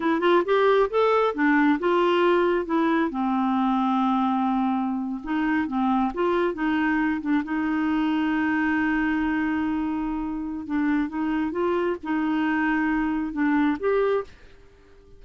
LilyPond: \new Staff \with { instrumentName = "clarinet" } { \time 4/4 \tempo 4 = 135 e'8 f'8 g'4 a'4 d'4 | f'2 e'4 c'4~ | c'2.~ c'8. dis'16~ | dis'8. c'4 f'4 dis'4~ dis'16~ |
dis'16 d'8 dis'2.~ dis'16~ | dis'1 | d'4 dis'4 f'4 dis'4~ | dis'2 d'4 g'4 | }